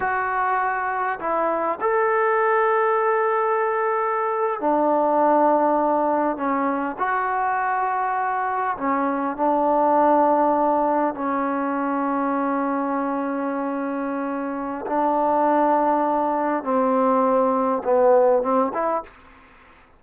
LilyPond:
\new Staff \with { instrumentName = "trombone" } { \time 4/4 \tempo 4 = 101 fis'2 e'4 a'4~ | a'2.~ a'8. d'16~ | d'2~ d'8. cis'4 fis'16~ | fis'2~ fis'8. cis'4 d'16~ |
d'2~ d'8. cis'4~ cis'16~ | cis'1~ | cis'4 d'2. | c'2 b4 c'8 e'8 | }